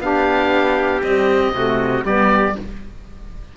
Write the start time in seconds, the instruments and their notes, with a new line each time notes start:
0.00 cello B3, saxophone D4, trumpet G4, oboe F5
1.02 saxophone G3, cello C4, oboe D#5
1.53 cello C3, saxophone A3, trumpet F#4
2.05 cello G3, saxophone B3, trumpet G4, oboe D5